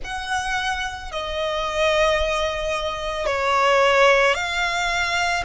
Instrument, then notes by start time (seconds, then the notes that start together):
violin
0.03 F#5
1.12 D#5
3.26 C#5
4.34 F5